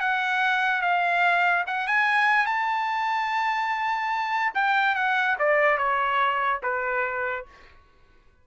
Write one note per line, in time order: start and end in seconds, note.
0.00 0.81 F#5
0.81 1.64 F5
1.66 1.87 F#5
1.87 2.46 G#5
2.46 4.53 A5
4.54 4.95 G5
4.95 5.36 F#5
5.38 5.77 D5
5.77 6.60 C#5
6.62 7.45 B4